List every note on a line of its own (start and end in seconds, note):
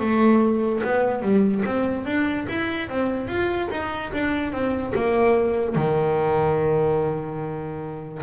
0.00 0.82 A3
0.83 1.22 B3
1.22 1.63 G3
1.66 2.05 C4
2.05 2.47 D4
2.49 2.89 E4
2.89 3.28 C4
3.28 3.69 F4
3.71 4.12 D#4
4.13 4.52 D4
4.52 4.93 C4
4.95 5.76 A#3
5.76 8.22 D#3